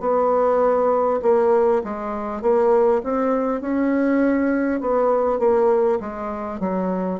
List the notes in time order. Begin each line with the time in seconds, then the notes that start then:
0.00 B3
1.22 A#3
1.83 G#3
2.41 A#3
3.03 C4
3.61 C#4
4.81 B3
5.39 A#3
6.00 G#3
6.59 F#3